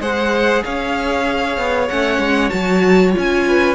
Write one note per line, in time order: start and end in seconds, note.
0.00 0.62 G#3
0.00 1.88 G#4
0.00 0.63 C5
0.00 0.64 F#5
0.64 1.57 C#4
0.64 3.45 C#5
0.64 1.88 F5
1.57 1.88 B3
1.88 2.18 A3
1.88 2.50 C#4
1.88 2.49 F#5
2.18 2.50 G#3
2.49 3.15 F#3
2.49 3.12 F#4
2.49 3.12 A5
3.12 3.75 C#4
3.12 3.75 F4
3.12 3.75 G#5
3.47 3.75 B4